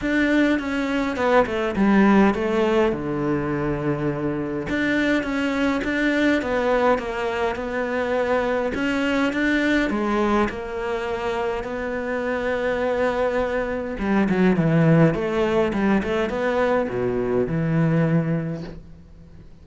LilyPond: \new Staff \with { instrumentName = "cello" } { \time 4/4 \tempo 4 = 103 d'4 cis'4 b8 a8 g4 | a4 d2. | d'4 cis'4 d'4 b4 | ais4 b2 cis'4 |
d'4 gis4 ais2 | b1 | g8 fis8 e4 a4 g8 a8 | b4 b,4 e2 | }